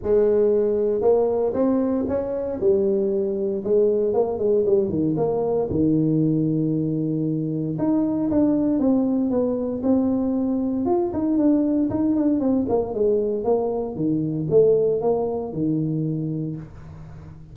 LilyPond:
\new Staff \with { instrumentName = "tuba" } { \time 4/4 \tempo 4 = 116 gis2 ais4 c'4 | cis'4 g2 gis4 | ais8 gis8 g8 dis8 ais4 dis4~ | dis2. dis'4 |
d'4 c'4 b4 c'4~ | c'4 f'8 dis'8 d'4 dis'8 d'8 | c'8 ais8 gis4 ais4 dis4 | a4 ais4 dis2 | }